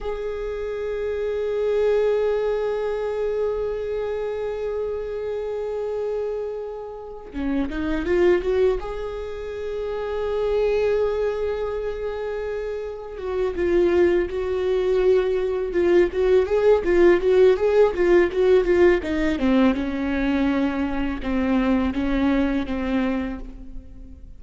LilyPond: \new Staff \with { instrumentName = "viola" } { \time 4/4 \tempo 4 = 82 gis'1~ | gis'1~ | gis'2 cis'8 dis'8 f'8 fis'8 | gis'1~ |
gis'2 fis'8 f'4 fis'8~ | fis'4. f'8 fis'8 gis'8 f'8 fis'8 | gis'8 f'8 fis'8 f'8 dis'8 c'8 cis'4~ | cis'4 c'4 cis'4 c'4 | }